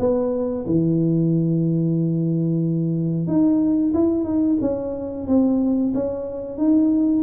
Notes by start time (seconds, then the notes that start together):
0.00 B3
0.67 E3
3.28 D#4
3.94 E4
4.25 D#4
4.62 C#4
5.27 C4
5.95 C#4
6.58 D#4